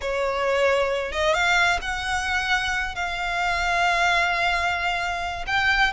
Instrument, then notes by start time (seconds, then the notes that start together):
violin
0.01 C#5
1.11 D#5
1.33 F5
1.81 F#5
2.95 F5
5.46 G5